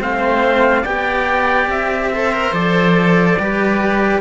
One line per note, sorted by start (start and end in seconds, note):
0.00 0.85 A3
0.00 0.85 C4
0.00 0.82 C5
0.00 0.85 F5
0.82 1.67 B3
0.82 2.12 G4
0.82 2.09 D5
0.82 1.69 G5
1.67 2.52 C4
1.67 2.54 E5
2.13 2.33 A4
2.13 3.42 C5
2.33 2.53 A#4
2.53 3.37 F3
2.53 3.37 A4
2.53 4.21 D5
3.39 4.21 G3
3.39 4.21 G4
3.39 4.21 B4